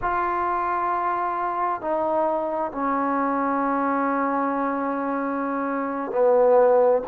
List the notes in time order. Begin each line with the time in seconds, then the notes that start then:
0.01 F4
1.81 D#4
2.71 C#4
6.11 B3